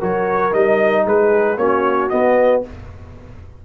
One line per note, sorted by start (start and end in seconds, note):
0.00 0.54 F#3
0.00 0.52 F#4
0.00 1.05 A#4
0.00 0.54 C#5
0.52 1.06 G3
0.52 1.57 D#4
0.52 1.06 D#5
1.06 1.58 G#3
1.06 1.59 G#4
1.06 1.58 B4
1.58 2.10 A#3
1.58 2.11 C#4
1.58 2.64 F#4
1.58 2.10 C#5
2.10 2.63 B3
2.10 2.66 B3
2.10 2.62 D#5